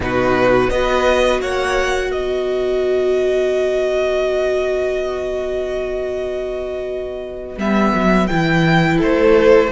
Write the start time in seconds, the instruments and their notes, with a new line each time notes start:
0.00 cello B2, viola D#4, violin F#4 B4
0.70 cello B3, viola F#4, violin B4 D#5
1.41 cello A#3, violin C#5 F#5
2.10 cello B3, violin B4 D#5
7.58 cello G3, viola B3, violin E5
7.94 cello F#3
8.27 cello E3, viola E4, violin G5
8.97 cello A3, violin A4 C5